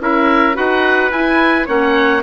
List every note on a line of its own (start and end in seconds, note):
0.00 0.56 C#4
0.00 0.54 E4
0.00 0.56 A#4
0.00 0.56 E5
0.54 1.11 D#4
0.54 1.09 F#4
0.54 1.66 B4
0.54 1.11 F#5
1.11 1.66 E4
1.11 1.67 G#5
1.66 2.23 A#3
1.66 2.22 C#4
1.66 2.21 C#5
1.66 2.23 F#5